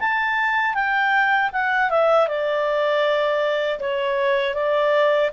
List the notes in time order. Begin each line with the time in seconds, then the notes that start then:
0.00 A5
0.75 G5
1.53 F#5
1.91 E5
2.28 D5
3.80 C#5
4.55 D5